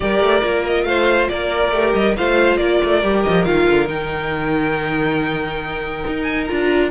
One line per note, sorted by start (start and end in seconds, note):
0.00 0.20 G3
0.00 0.42 G4
0.00 0.87 A#4
0.00 0.64 D5
0.20 0.41 A3
0.42 0.84 A#3
0.42 1.71 F4
0.66 0.83 D#5
0.83 1.27 A3
0.83 1.30 C5
0.83 1.27 F5
1.28 1.71 A#3
1.28 2.16 A#4
1.28 1.93 D5
1.71 1.93 A3
1.71 2.16 G4
1.93 2.16 G3
1.93 2.15 D#5
2.16 2.57 A3
2.16 3.02 F4
2.16 2.59 C5
2.16 2.56 F5
2.56 2.79 A#3
2.56 6.91 A#4
2.56 3.21 D5
2.84 3.03 A3
3.02 3.25 G3
3.02 3.44 G4
3.23 3.45 F3
3.23 3.44 D#5
3.44 3.67 D#3
3.44 3.86 F4
3.44 3.88 F5
3.68 3.88 D3
3.86 6.04 D#3
3.86 6.45 D#4
3.86 6.23 G5
6.06 6.49 D#4
6.23 6.44 G#5
6.45 6.91 D4
6.45 6.91 F4
6.45 6.88 A#5